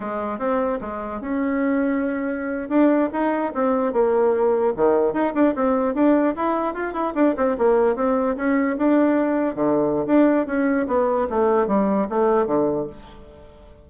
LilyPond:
\new Staff \with { instrumentName = "bassoon" } { \time 4/4 \tempo 4 = 149 gis4 c'4 gis4 cis'4~ | cis'2~ cis'8. d'4 dis'16~ | dis'8. c'4 ais2 dis16~ | dis8. dis'8 d'8 c'4 d'4 e'16~ |
e'8. f'8 e'8 d'8 c'8 ais4 c'16~ | c'8. cis'4 d'2 d16~ | d4 d'4 cis'4 b4 | a4 g4 a4 d4 | }